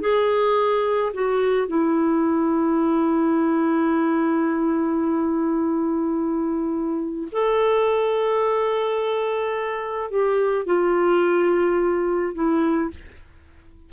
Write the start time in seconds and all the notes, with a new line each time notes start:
0.00 G#4
1.13 F#4
1.67 E4
7.32 A4
10.10 G4
10.66 F4
12.34 E4